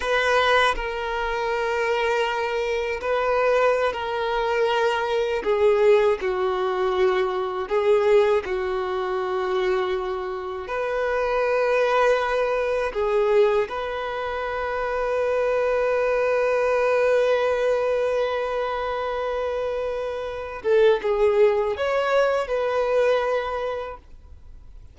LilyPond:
\new Staff \with { instrumentName = "violin" } { \time 4/4 \tempo 4 = 80 b'4 ais'2. | b'4~ b'16 ais'2 gis'8.~ | gis'16 fis'2 gis'4 fis'8.~ | fis'2~ fis'16 b'4.~ b'16~ |
b'4~ b'16 gis'4 b'4.~ b'16~ | b'1~ | b'2.~ b'8 a'8 | gis'4 cis''4 b'2 | }